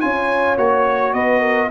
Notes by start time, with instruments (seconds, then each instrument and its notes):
0.00 tuba C#4, trombone F4, horn C#5, trumpet G#5
0.57 tuba A#3, trombone F#4, trumpet C#5
1.13 tuba B3, horn B4, trumpet D#5
1.40 horn A#4